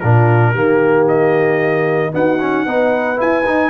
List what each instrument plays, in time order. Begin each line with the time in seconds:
0.00 tuba A#2, trombone D4, horn F4, trumpet A#4
0.51 tuba D#3, trombone A#3, horn G4
1.08 trumpet D#5
2.12 trombone B3, tuba D#4, horn F#4, trumpet F#5
2.41 trombone C#4
2.65 tuba B3, trombone D#4, horn B4
3.16 trombone E4, tuba E4, trumpet G#5
3.46 tuba D#4, trombone D#4